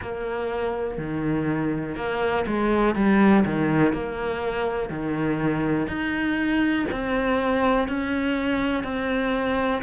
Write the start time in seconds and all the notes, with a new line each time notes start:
0.01 A#3
0.97 D#3
1.95 A#3
2.46 G#3
2.95 G3
3.45 D#3
3.93 A#3
4.89 D#3
5.87 D#4
6.91 C4
7.87 C#4
8.83 C4